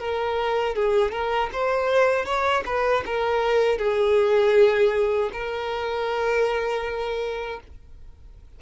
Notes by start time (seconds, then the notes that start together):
0.00 A#4
0.76 G#4
1.12 A#4
1.53 C5
2.26 C#5
2.66 B4
3.07 A#4
3.78 G#4
5.33 A#4